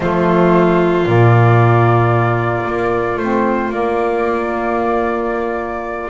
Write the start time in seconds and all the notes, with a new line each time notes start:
0.00 F3 A3 F4 C5
1.05 A#2 A#3 D5
2.65 A#3
3.17 A3 C4 C5
3.69 A#3 D5